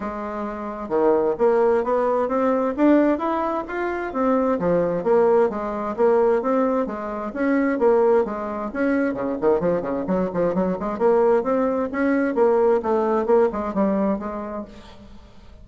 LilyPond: \new Staff \with { instrumentName = "bassoon" } { \time 4/4 \tempo 4 = 131 gis2 dis4 ais4 | b4 c'4 d'4 e'4 | f'4 c'4 f4 ais4 | gis4 ais4 c'4 gis4 |
cis'4 ais4 gis4 cis'4 | cis8 dis8 f8 cis8 fis8 f8 fis8 gis8 | ais4 c'4 cis'4 ais4 | a4 ais8 gis8 g4 gis4 | }